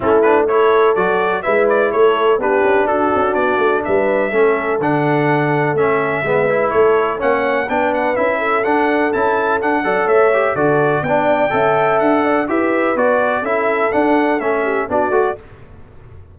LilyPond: <<
  \new Staff \with { instrumentName = "trumpet" } { \time 4/4 \tempo 4 = 125 a'8 b'8 cis''4 d''4 e''8 d''8 | cis''4 b'4 a'4 d''4 | e''2 fis''2 | e''2 cis''4 fis''4 |
g''8 fis''8 e''4 fis''4 a''4 | fis''4 e''4 d''4 g''4~ | g''4 fis''4 e''4 d''4 | e''4 fis''4 e''4 d''4 | }
  \new Staff \with { instrumentName = "horn" } { \time 4/4 e'4 a'2 b'4 | a'4 g'4 fis'2 | b'4 a'2.~ | a'4 b'4 a'4 cis''4 |
b'4. a'2~ a'8~ | a'8 d''8 cis''4 a'4 d''4 | e''4. d''8 b'2 | a'2~ a'8 g'8 fis'4 | }
  \new Staff \with { instrumentName = "trombone" } { \time 4/4 cis'8 d'8 e'4 fis'4 e'4~ | e'4 d'2.~ | d'4 cis'4 d'2 | cis'4 b8 e'4. cis'4 |
d'4 e'4 d'4 e'4 | d'8 a'4 g'8 fis'4 d'4 | a'2 g'4 fis'4 | e'4 d'4 cis'4 d'8 fis'8 | }
  \new Staff \with { instrumentName = "tuba" } { \time 4/4 a2 fis4 gis4 | a4 b8 cis'8 d'8 cis'8 b8 a8 | g4 a4 d2 | a4 gis4 a4 ais4 |
b4 cis'4 d'4 cis'4 | d'8 fis8 a4 d4 b4 | cis'4 d'4 e'4 b4 | cis'4 d'4 a4 b8 a8 | }
>>